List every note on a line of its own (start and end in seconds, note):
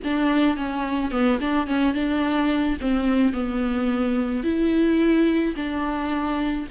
0.04 0.57 D4
0.57 1.11 C#4
1.11 1.38 B3
1.40 1.66 D4
1.66 1.94 C#4
1.94 2.77 D4
2.80 3.33 C4
3.33 4.43 B3
4.43 5.55 E4
5.56 6.67 D4